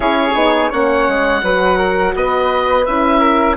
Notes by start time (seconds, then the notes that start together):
0.00 C#4 E4 G#4 C#5
0.34 B3 D#4
0.69 A#3 C#4 C#5 F#5
1.08 G#3
1.42 F#3 F#4 B4
1.77 A#4
2.14 B3 B4 D#5
2.85 C#4 E4 E5
3.19 A#4